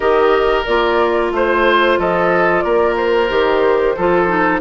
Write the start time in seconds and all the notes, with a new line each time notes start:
0.00 D#3 G4 A#4 D#5
0.65 A#3 F4 D5
1.31 A3 C5
1.98 F3 A4 D#5
2.61 A#3 A#4 D5
2.97 C5
3.29 D#3 G4
3.96 F3 F4 A4
4.27 D#4